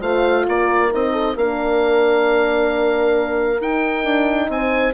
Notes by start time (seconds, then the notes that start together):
0.00 A3 F4 C5 F5
0.48 A#3 A#4 D5
0.92 C4 D#4 D#5
1.12 A4
1.36 A#3 D4 A#4 F5
3.60 D#4 G5
4.04 D4
4.49 C4 C5 G#5